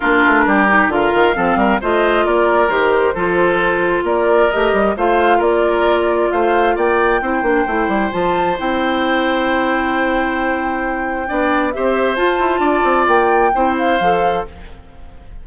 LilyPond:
<<
  \new Staff \with { instrumentName = "flute" } { \time 4/4 \tempo 4 = 133 ais'2 f''2 | dis''4 d''4 c''2~ | c''4 d''4 dis''4 f''4 | d''2 f''4 g''4~ |
g''2 a''4 g''4~ | g''1~ | g''2 e''4 a''4~ | a''4 g''4. f''4. | }
  \new Staff \with { instrumentName = "oboe" } { \time 4/4 f'4 g'4 ais'4 a'8 ais'8 | c''4 ais'2 a'4~ | a'4 ais'2 c''4 | ais'2 c''4 d''4 |
c''1~ | c''1~ | c''4 d''4 c''2 | d''2 c''2 | }
  \new Staff \with { instrumentName = "clarinet" } { \time 4/4 d'4. dis'8 f'4 c'4 | f'2 g'4 f'4~ | f'2 g'4 f'4~ | f'1 |
e'8 d'8 e'4 f'4 e'4~ | e'1~ | e'4 d'4 g'4 f'4~ | f'2 e'4 a'4 | }
  \new Staff \with { instrumentName = "bassoon" } { \time 4/4 ais8 a8 g4 d8 dis8 f8 g8 | a4 ais4 dis4 f4~ | f4 ais4 a8 g8 a4 | ais2 a4 ais4 |
c'8 ais8 a8 g8 f4 c'4~ | c'1~ | c'4 b4 c'4 f'8 e'8 | d'8 c'8 ais4 c'4 f4 | }
>>